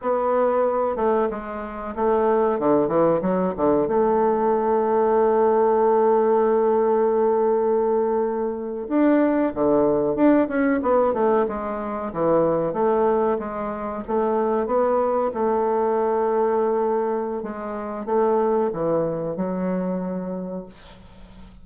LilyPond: \new Staff \with { instrumentName = "bassoon" } { \time 4/4 \tempo 4 = 93 b4. a8 gis4 a4 | d8 e8 fis8 d8 a2~ | a1~ | a4.~ a16 d'4 d4 d'16~ |
d'16 cis'8 b8 a8 gis4 e4 a16~ | a8. gis4 a4 b4 a16~ | a2. gis4 | a4 e4 fis2 | }